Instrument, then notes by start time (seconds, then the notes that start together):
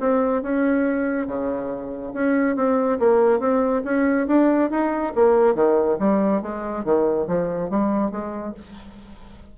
bassoon
0.00 C4
0.42 C#4
1.27 C#3
2.14 C#4
2.56 C4
2.99 A#3
3.39 C4
3.84 C#4
4.27 D4
4.70 D#4
5.15 A#3
5.55 D#3
5.99 G3
6.42 G#3
6.84 D#3
7.27 F3
7.70 G3
8.11 G#3